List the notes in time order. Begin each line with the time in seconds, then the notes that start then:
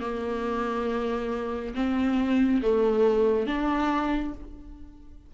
0.00 A#3
1.75 C4
2.62 A3
3.47 D4